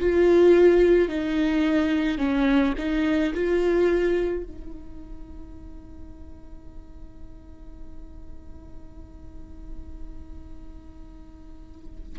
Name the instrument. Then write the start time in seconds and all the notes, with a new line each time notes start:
viola
0.00 F4
1.09 D#4
2.18 C#4
2.78 D#4
3.34 F4
4.43 D#4